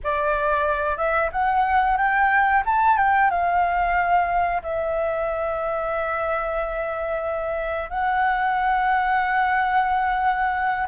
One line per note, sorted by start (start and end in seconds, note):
0.03 0.97 D5
0.97 1.30 E5
1.32 1.97 F#5
1.97 2.63 G5
2.65 2.97 A5
2.97 3.30 G5
3.30 4.62 F5
4.62 7.89 E5
7.89 10.86 F#5